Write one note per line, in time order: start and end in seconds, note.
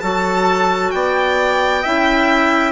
0.00 0.93 F#3
0.00 1.84 F#4
0.00 0.94 A4
0.00 0.91 A5
0.91 1.84 B3
0.91 1.82 D5
0.91 2.72 G5
1.82 2.72 C#4
1.82 2.72 E4
1.82 2.72 E5